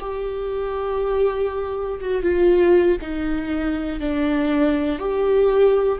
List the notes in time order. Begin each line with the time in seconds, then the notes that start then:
0.00 G4
2.00 F#4
2.23 F4
3.01 D#4
4.00 D4
4.99 G4